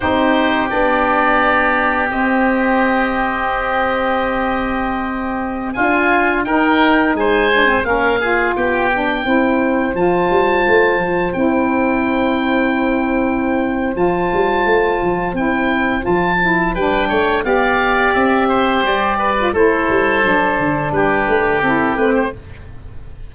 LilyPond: <<
  \new Staff \with { instrumentName = "oboe" } { \time 4/4 \tempo 4 = 86 c''4 d''2 dis''4~ | dis''1~ | dis''16 gis''4 g''4 gis''4 f''8.~ | f''16 g''2 a''4.~ a''16~ |
a''16 g''2.~ g''8. | a''2 g''4 a''4 | g''4 f''4 e''4 d''4 | c''2 b'4 a'8 b'16 c''16 | }
  \new Staff \with { instrumentName = "oboe" } { \time 4/4 g'1~ | g'1~ | g'16 f'4 ais'4 c''4 ais'8 gis'16~ | gis'16 g'4 c''2~ c''8.~ |
c''1~ | c''1 | b'8 cis''8 d''4. c''4 b'8 | a'2 g'2 | }
  \new Staff \with { instrumentName = "saxophone" } { \time 4/4 dis'4 d'2 c'4~ | c'1~ | c'16 f'4 dis'4. d'16 c'16 cis'8 f'16~ | f'8. d'8 e'4 f'4.~ f'16~ |
f'16 e'2.~ e'8. | f'2 e'4 f'8 e'8 | d'4 g'2~ g'8. f'16 | e'4 d'2 e'8 c'8 | }
  \new Staff \with { instrumentName = "tuba" } { \time 4/4 c'4 b2 c'4~ | c'1~ | c'16 d'4 dis'4 gis4 ais8.~ | ais16 b4 c'4 f8 g8 a8 f16~ |
f16 c'2.~ c'8. | f8 g8 a8 f8 c'4 f4 | g8 a8 b4 c'4 g4 | a8 g8 fis8 d8 g8 a8 c'8 a8 | }
>>